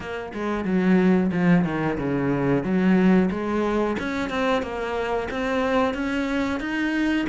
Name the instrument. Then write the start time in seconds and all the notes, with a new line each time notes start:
cello
0.00 A#3
0.33 G#3
0.64 F#3
1.32 F3
1.64 D#3
1.98 C#3
2.63 F#3
3.31 G#3
3.98 C#4
4.29 C4
4.62 A#3
5.30 C4
5.94 C#4
6.60 D#4